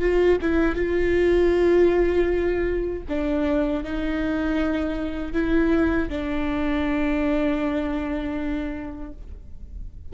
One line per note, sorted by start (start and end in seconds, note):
0.00 0.38 F4
0.41 0.75 E4
0.75 3.03 F4
3.08 3.84 D4
3.84 5.33 D#4
5.33 6.09 E4
6.09 9.12 D4